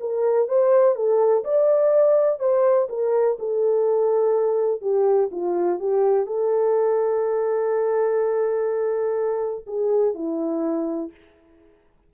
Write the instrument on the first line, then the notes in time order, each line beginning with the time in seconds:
horn
0.00 A#4
0.48 C5
0.95 A4
1.44 D5
2.39 C5
2.89 A#4
3.39 A4
4.81 G4
5.31 F4
5.79 G4
6.26 A4
9.66 G#4
10.14 E4